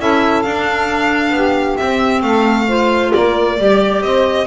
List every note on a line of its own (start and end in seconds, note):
0.00 0.45 C#4
0.00 0.45 E4
0.00 1.35 A4
0.00 0.43 E5
0.43 1.31 D4
0.43 1.80 D4
0.43 1.77 F5
1.31 1.75 B3
1.31 2.24 G4
1.77 2.68 C4
1.77 2.23 C4
1.77 2.22 E5
2.23 3.12 A3
2.23 2.68 A4
2.23 3.12 F5
2.68 3.58 F4
2.68 3.13 C5
3.13 3.59 A#3
3.13 3.59 A#4
3.13 4.03 D5
3.59 4.02 G3
3.59 4.47 G4
3.59 4.05 D5
4.02 4.47 C4
4.02 4.47 C5
4.02 4.47 D#5